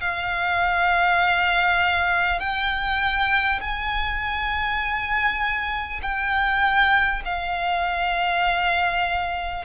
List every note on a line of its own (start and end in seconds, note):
0.00 2.39 F5
2.39 3.59 G5
3.60 6.00 G#5
6.02 7.22 G5
7.24 9.64 F5